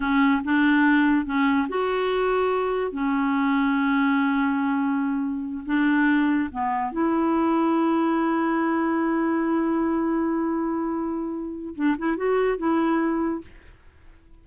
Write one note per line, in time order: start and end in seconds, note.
0.00 0.41 C#4
0.44 1.25 D4
1.25 1.67 C#4
1.68 2.91 F#4
2.91 5.64 C#4
5.65 6.49 D4
6.51 6.91 B3
6.91 11.74 E4
11.75 11.96 D4
11.98 12.16 E4
12.16 12.57 F#4
12.57 13.41 E4